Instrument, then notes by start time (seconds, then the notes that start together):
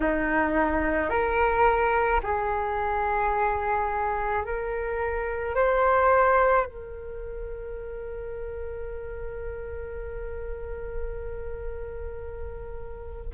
flute
0.00 D#4
1.09 A#4
2.23 G#4
4.44 A#4
5.55 C5
6.65 A#4